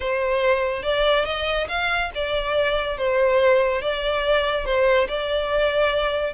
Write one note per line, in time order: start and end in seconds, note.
0.00 0.83 C5
0.83 1.25 D5
1.25 1.67 D#5
1.68 2.10 F5
2.14 2.97 D5
2.97 3.81 C5
3.81 4.65 D5
4.65 5.07 C5
5.08 6.33 D5